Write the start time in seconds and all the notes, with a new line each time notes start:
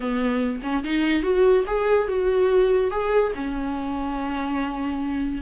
0.00 B3
0.62 C#4
0.84 D#4
1.23 F#4
1.66 G#4
2.08 F#4
2.91 G#4
3.35 C#4